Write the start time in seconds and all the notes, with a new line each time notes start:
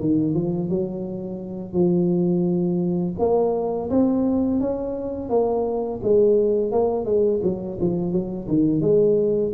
0.00 D#3
0.34 F3
0.69 F#3
1.73 F3
3.19 A#3
3.90 C4
4.60 C#4
5.30 A#3
6.03 G#3
6.72 A#3
7.05 G#3
7.43 F#3
7.80 F3
8.12 F#3
8.48 D#3
8.81 G#3